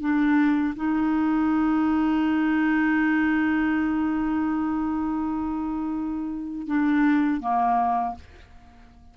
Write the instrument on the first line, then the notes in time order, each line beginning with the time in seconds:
clarinet
0.00 D4
0.75 D#4
6.67 D4
7.40 A#3